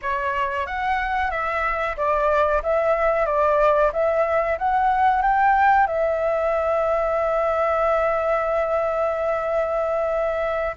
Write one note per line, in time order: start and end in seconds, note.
0.02 0.66 C#5
0.66 1.30 F#5
1.30 1.96 E5
1.96 2.61 D5
2.63 3.25 E5
3.25 3.91 D5
3.92 4.57 E5
4.58 5.22 F#5
5.22 5.86 G5
5.86 10.75 E5